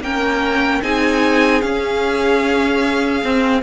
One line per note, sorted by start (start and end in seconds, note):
0.00 0.80 A#3
0.00 0.82 C#4
0.00 0.82 A#4
0.00 0.83 G5
0.82 1.62 C4
0.82 1.62 D#4
0.82 3.62 G#4
0.82 1.61 G#5
1.61 3.22 C#4
1.61 3.23 C#4
1.61 3.61 F5
3.23 3.62 C4